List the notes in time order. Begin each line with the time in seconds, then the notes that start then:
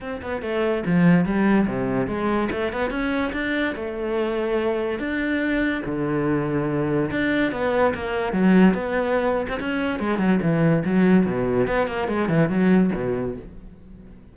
0.00 C4
0.22 B3
0.42 A3
0.85 F3
1.25 G3
1.67 C3
2.07 G#3
2.51 A3
2.72 B3
2.90 C#4
3.33 D4
3.75 A3
4.99 D4
5.85 D3
7.10 D4
7.52 B3
7.94 A#3
8.32 F#3
8.74 B3
9.48 C4
9.59 C#4
9.99 G#3
10.18 F#3
10.42 E3
10.84 F#3
11.26 B2
11.67 B3
11.87 A#3
12.07 G#3
12.28 E3
12.49 F#3
12.95 B2